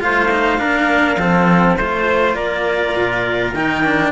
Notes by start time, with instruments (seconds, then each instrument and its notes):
0.00 cello A3 F4, trumpet C5, clarinet F5
0.31 cello D#4
0.58 cello A#3 D4, trumpet A#4
1.17 cello F3 C4, trumpet A4
1.76 cello A3 F4, clarinet C5, trumpet C5
2.35 cello A#3, trumpet A#4, clarinet D5
2.96 cello A#2
3.54 cello D#3 D#4, clarinet G5
3.85 cello D4